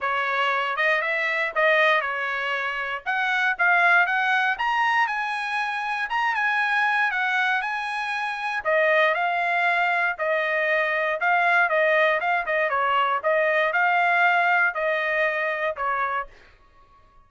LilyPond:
\new Staff \with { instrumentName = "trumpet" } { \time 4/4 \tempo 4 = 118 cis''4. dis''8 e''4 dis''4 | cis''2 fis''4 f''4 | fis''4 ais''4 gis''2 | ais''8 gis''4. fis''4 gis''4~ |
gis''4 dis''4 f''2 | dis''2 f''4 dis''4 | f''8 dis''8 cis''4 dis''4 f''4~ | f''4 dis''2 cis''4 | }